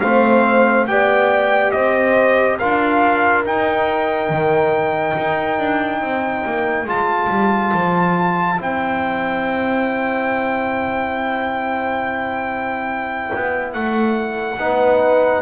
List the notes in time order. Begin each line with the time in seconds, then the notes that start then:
0.00 A3 C4 C5 F5
0.87 B3 G4 D5 G5
1.71 C4 C5 D#5
2.59 D4 F4 A#4 F5
3.45 D#4 G5
4.29 D#3
5.17 D#4
5.58 D4
6.01 C4 C5
6.45 A#3
6.85 G#3 F4 A5
7.29 G3
7.74 F3
8.57 C4 E4 G5
13.34 B3
13.72 A3 F#5
14.57 B3 D#4 B4